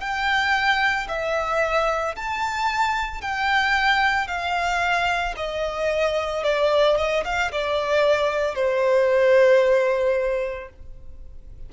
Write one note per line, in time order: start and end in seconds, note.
0.00 1.07 G5
1.08 2.15 E5
2.16 3.21 A5
3.21 4.28 G5
4.28 5.35 F5
5.37 6.43 D#5
6.43 6.97 D5
6.97 7.24 D#5
7.25 7.51 F5
7.51 8.55 D5
8.55 10.69 C5